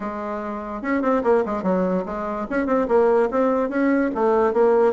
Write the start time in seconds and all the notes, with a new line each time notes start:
0.00 G#3
0.81 C#4
1.02 C4
1.23 A#3
1.45 G#3
1.62 F#3
2.05 G#3
2.50 C#4
2.66 C4
2.88 A#3
3.30 C4
3.69 C#4
4.14 A3
4.53 A#3